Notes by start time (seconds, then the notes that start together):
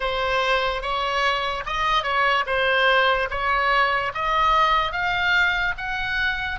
0.00 C5
0.81 C#5
1.66 D#5
2.03 C#5
2.46 C5
3.30 C#5
4.14 D#5
4.92 F5
5.77 F#5